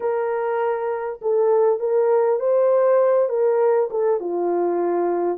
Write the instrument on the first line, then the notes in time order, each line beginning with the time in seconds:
horn
0.00 A#4
1.21 A4
1.79 A#4
2.39 C5
3.29 A#4
3.90 A4
4.20 F4